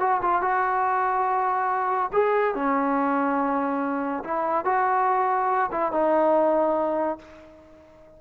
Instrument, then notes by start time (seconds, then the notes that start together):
trombone
0.00 F#4
0.22 F4
0.42 F#4
2.13 G#4
2.55 C#4
4.24 E4
4.65 F#4
5.72 E4
5.92 D#4